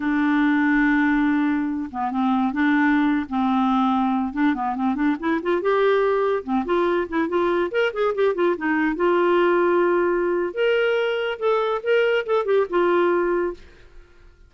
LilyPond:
\new Staff \with { instrumentName = "clarinet" } { \time 4/4 \tempo 4 = 142 d'1~ | d'8 b8 c'4 d'4.~ d'16 c'16~ | c'2~ c'16 d'8 b8 c'8 d'16~ | d'16 e'8 f'8 g'2 c'8 f'16~ |
f'8. e'8 f'4 ais'8 gis'8 g'8 f'16~ | f'16 dis'4 f'2~ f'8.~ | f'4 ais'2 a'4 | ais'4 a'8 g'8 f'2 | }